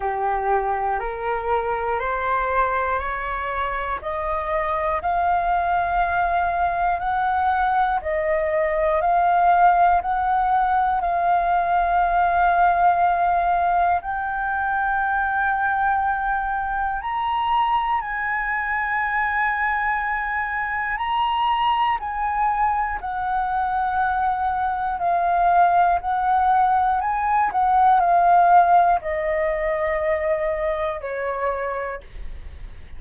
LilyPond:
\new Staff \with { instrumentName = "flute" } { \time 4/4 \tempo 4 = 60 g'4 ais'4 c''4 cis''4 | dis''4 f''2 fis''4 | dis''4 f''4 fis''4 f''4~ | f''2 g''2~ |
g''4 ais''4 gis''2~ | gis''4 ais''4 gis''4 fis''4~ | fis''4 f''4 fis''4 gis''8 fis''8 | f''4 dis''2 cis''4 | }